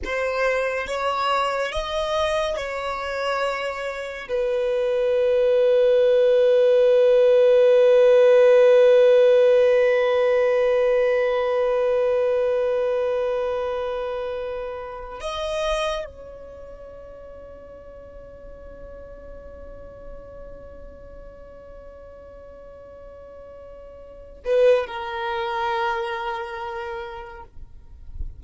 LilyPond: \new Staff \with { instrumentName = "violin" } { \time 4/4 \tempo 4 = 70 c''4 cis''4 dis''4 cis''4~ | cis''4 b'2.~ | b'1~ | b'1~ |
b'4.~ b'16 dis''4 cis''4~ cis''16~ | cis''1~ | cis''1~ | cis''8 b'8 ais'2. | }